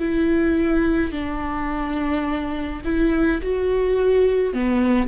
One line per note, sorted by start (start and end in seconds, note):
0.00 1.12 E4
1.12 2.82 D4
2.85 3.42 E4
3.42 4.53 F#4
4.53 5.08 B3